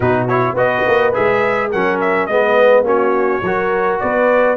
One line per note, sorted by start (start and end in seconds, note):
0.00 0.53 B2
0.00 0.28 D#4
0.00 0.56 F#4
0.00 0.27 B4
0.28 0.56 E4
0.28 0.56 C#5
0.53 0.81 B3
0.53 1.13 F#4
0.53 1.71 B4
0.53 1.13 D#5
0.86 1.14 A#3
1.13 1.74 G#3
1.13 1.70 G#4
1.13 1.71 E5
1.71 2.28 F#3
1.71 2.30 C#4
1.71 2.28 A#4
1.71 2.00 F#5
2.00 2.26 E5
2.26 2.82 G#3
2.26 2.84 B3
2.26 2.85 B4
2.26 2.83 D#5
2.82 3.40 A#3
2.82 3.41 C#4
2.82 3.43 F#4
2.82 3.99 C#5
3.42 3.99 F#3
3.42 4.57 F#4
3.42 4.01 A#4
3.99 4.57 B3
3.99 4.57 B4
3.99 4.56 D5